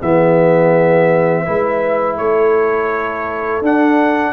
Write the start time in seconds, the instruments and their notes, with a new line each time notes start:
0.00 tuba E3, trombone B3, horn G#4, trumpet E5
1.44 tuba G#3, trombone E4, horn B4
2.17 tuba A3, horn A4, trumpet C#5
3.61 tuba D4, trombone D4, trumpet F#5